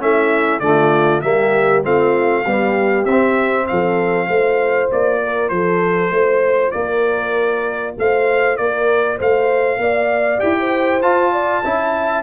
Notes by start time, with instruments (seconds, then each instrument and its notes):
0.00 tuba A3, trombone C#4, horn E4, trumpet E5
0.60 tuba D3, trombone A3, horn F4, trumpet D5
1.22 tuba G3, trombone A#3, horn G4, trumpet E5
1.84 tuba A3, trombone C4, horn F4, trumpet F5
2.42 trombone G3, tuba B3, horn G4
3.06 tuba C4, trombone C4, trumpet E5
3.68 tuba F3, horn A4, trumpet F5
4.27 tuba A3, trombone F4, horn C5
4.92 tuba A#3, trumpet D5
5.24 horn A#4
5.49 tuba F3, horn A4, trumpet C5
6.11 tuba A3, horn C5
6.72 tuba A#3, horn A#4, trumpet D5
7.98 tuba A3, horn C5, trumpet F5
8.57 tuba A#3, horn A#4, trumpet D5
9.18 tuba A3, horn C5, trumpet F5
9.78 tuba A#3, horn D5
10.39 tuba E4, trombone G4, trumpet G5
10.60 horn C5
11.03 tuba F4, trombone F4, trumpet A5
11.33 horn D5
11.65 tuba C#4, trombone E4, horn E5